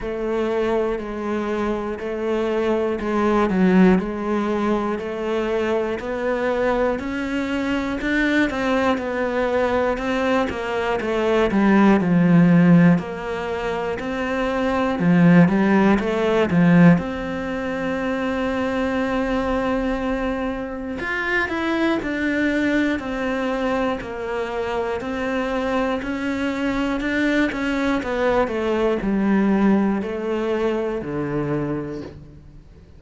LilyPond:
\new Staff \with { instrumentName = "cello" } { \time 4/4 \tempo 4 = 60 a4 gis4 a4 gis8 fis8 | gis4 a4 b4 cis'4 | d'8 c'8 b4 c'8 ais8 a8 g8 | f4 ais4 c'4 f8 g8 |
a8 f8 c'2.~ | c'4 f'8 e'8 d'4 c'4 | ais4 c'4 cis'4 d'8 cis'8 | b8 a8 g4 a4 d4 | }